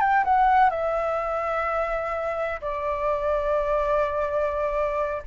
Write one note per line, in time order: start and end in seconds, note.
0.00 0.24 G5
0.24 0.69 F#5
0.69 2.60 E5
2.61 5.23 D5